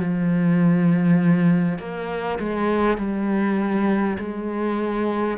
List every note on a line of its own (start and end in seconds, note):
0.00 1.78 F3
1.78 2.38 A#3
2.39 2.97 G#3
2.97 4.17 G3
4.18 5.38 G#3